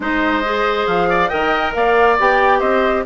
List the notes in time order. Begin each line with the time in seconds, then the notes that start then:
0.00 G#3 D#4 C5 D#5
0.43 G#4
0.86 F3 F5
1.09 D5
1.28 D#3 A#4 D#5 G5
1.73 A#3 D5 F5
2.19 B3 G4 G5
2.59 C4 C5 D#5